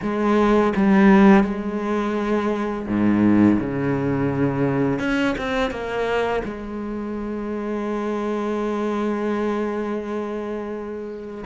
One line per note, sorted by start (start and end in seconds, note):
0.02 0.73 G#3
0.75 1.43 G3
1.43 2.86 G#3
2.87 3.58 G#2
3.59 4.99 C#3
4.99 5.35 C#4
5.38 5.70 C4
5.70 6.42 A#3
6.44 11.44 G#3